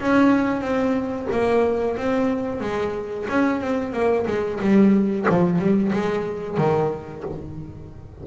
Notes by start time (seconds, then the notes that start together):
0.00 C#4
0.61 C4
1.32 A#3
1.97 C4
2.61 G#3
3.29 C#4
3.61 C4
3.93 A#3
4.27 G#3
4.61 G3
5.29 F3
5.59 G3
5.93 G#3
6.58 D#3